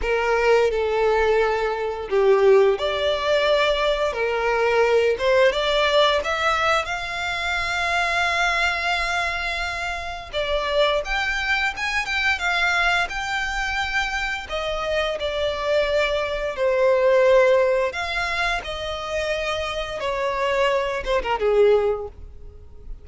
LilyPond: \new Staff \with { instrumentName = "violin" } { \time 4/4 \tempo 4 = 87 ais'4 a'2 g'4 | d''2 ais'4. c''8 | d''4 e''4 f''2~ | f''2. d''4 |
g''4 gis''8 g''8 f''4 g''4~ | g''4 dis''4 d''2 | c''2 f''4 dis''4~ | dis''4 cis''4. c''16 ais'16 gis'4 | }